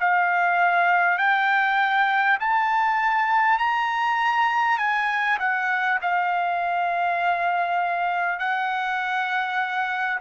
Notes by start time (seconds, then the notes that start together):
0.00 F5
1.18 G5
2.40 A5
3.58 A#5
4.78 G#5
5.39 F#5
6.02 F5
8.39 F#5